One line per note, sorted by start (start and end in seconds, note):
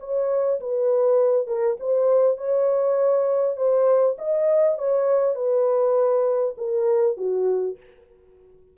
0.00 0.60 C#5
0.60 1.47 B4
1.47 1.77 A#4
1.80 2.38 C5
2.38 3.56 C#5
3.56 4.16 C5
4.18 4.78 D#5
4.78 5.35 C#5
5.35 6.55 B4
6.58 7.17 A#4
7.17 7.77 F#4